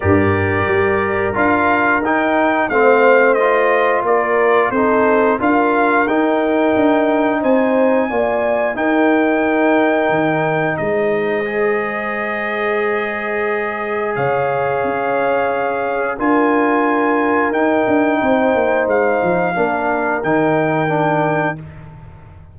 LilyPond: <<
  \new Staff \with { instrumentName = "trumpet" } { \time 4/4 \tempo 4 = 89 d''2 f''4 g''4 | f''4 dis''4 d''4 c''4 | f''4 g''2 gis''4~ | gis''4 g''2. |
dis''1~ | dis''4 f''2. | gis''2 g''2 | f''2 g''2 | }
  \new Staff \with { instrumentName = "horn" } { \time 4/4 ais'1 | c''2 ais'4 a'4 | ais'2. c''4 | d''4 ais'2. |
c''1~ | c''4 cis''2. | ais'2. c''4~ | c''4 ais'2. | }
  \new Staff \with { instrumentName = "trombone" } { \time 4/4 g'2 f'4 dis'4 | c'4 f'2 dis'4 | f'4 dis'2. | f'4 dis'2.~ |
dis'4 gis'2.~ | gis'1 | f'2 dis'2~ | dis'4 d'4 dis'4 d'4 | }
  \new Staff \with { instrumentName = "tuba" } { \time 4/4 g,4 g4 d'4 dis'4 | a2 ais4 c'4 | d'4 dis'4 d'4 c'4 | ais4 dis'2 dis4 |
gis1~ | gis4 cis4 cis'2 | d'2 dis'8 d'8 c'8 ais8 | gis8 f8 ais4 dis2 | }
>>